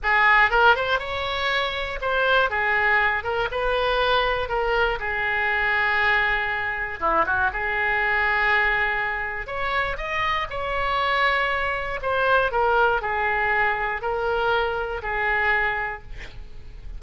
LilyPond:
\new Staff \with { instrumentName = "oboe" } { \time 4/4 \tempo 4 = 120 gis'4 ais'8 c''8 cis''2 | c''4 gis'4. ais'8 b'4~ | b'4 ais'4 gis'2~ | gis'2 e'8 fis'8 gis'4~ |
gis'2. cis''4 | dis''4 cis''2. | c''4 ais'4 gis'2 | ais'2 gis'2 | }